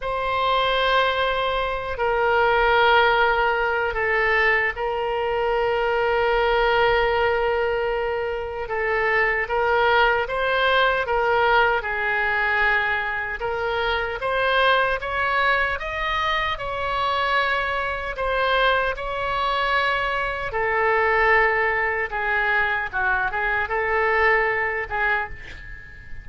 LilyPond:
\new Staff \with { instrumentName = "oboe" } { \time 4/4 \tempo 4 = 76 c''2~ c''8 ais'4.~ | ais'4 a'4 ais'2~ | ais'2. a'4 | ais'4 c''4 ais'4 gis'4~ |
gis'4 ais'4 c''4 cis''4 | dis''4 cis''2 c''4 | cis''2 a'2 | gis'4 fis'8 gis'8 a'4. gis'8 | }